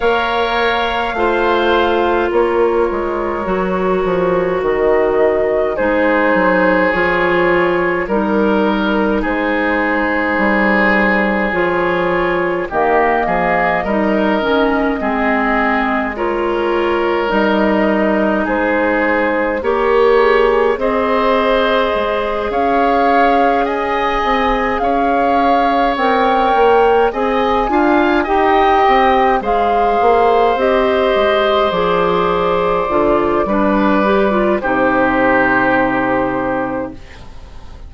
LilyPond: <<
  \new Staff \with { instrumentName = "flute" } { \time 4/4 \tempo 4 = 52 f''2 cis''2 | dis''4 c''4 cis''4 ais'4 | c''2 cis''4 dis''4~ | dis''2 cis''4 dis''4 |
c''4 ais'8 gis'8 dis''4. f''8~ | f''8 gis''4 f''4 g''4 gis''8~ | gis''8 g''4 f''4 dis''4 d''8~ | d''2 c''2 | }
  \new Staff \with { instrumentName = "oboe" } { \time 4/4 cis''4 c''4 ais'2~ | ais'4 gis'2 ais'4 | gis'2. g'8 gis'8 | ais'4 gis'4 ais'2 |
gis'4 cis''4 c''4. cis''8~ | cis''8 dis''4 cis''2 dis''8 | f''8 dis''4 c''2~ c''8~ | c''4 b'4 g'2 | }
  \new Staff \with { instrumentName = "clarinet" } { \time 4/4 ais'4 f'2 fis'4~ | fis'4 dis'4 f'4 dis'4~ | dis'2 f'4 ais4 | dis'8 cis'8 c'4 f'4 dis'4~ |
dis'4 g'4 gis'2~ | gis'2~ gis'8 ais'4 gis'8 | f'8 g'4 gis'4 g'4 gis'8~ | gis'8 f'8 d'8 g'16 f'16 dis'2 | }
  \new Staff \with { instrumentName = "bassoon" } { \time 4/4 ais4 a4 ais8 gis8 fis8 f8 | dis4 gis8 fis8 f4 g4 | gis4 g4 f4 dis8 f8 | g8 dis8 gis2 g4 |
gis4 ais4 c'4 gis8 cis'8~ | cis'4 c'8 cis'4 c'8 ais8 c'8 | d'8 dis'8 c'8 gis8 ais8 c'8 gis8 f8~ | f8 d8 g4 c2 | }
>>